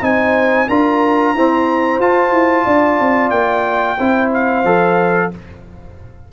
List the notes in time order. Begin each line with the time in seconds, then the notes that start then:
0.00 C4 D#4 C5 G#5
0.68 D4 F4 A#4 A#5
1.34 C4 E4 C5
1.98 F4 A5
2.31 E4
2.65 D4 D5
2.99 C4
3.30 A#3 G5
3.98 C4 E4 C5
4.33 F5
4.64 F3 A4